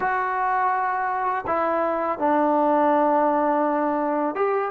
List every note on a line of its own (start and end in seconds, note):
0.00 1.45 F#4
1.46 2.18 E4
2.18 4.35 D4
4.35 4.71 G4